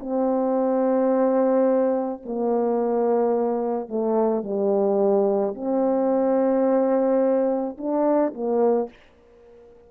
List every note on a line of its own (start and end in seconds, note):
0.00 2.22 C4
2.26 3.89 A#3
3.89 4.44 A3
4.44 5.55 G3
5.55 7.77 C4
7.78 8.34 D4
8.34 8.90 A#3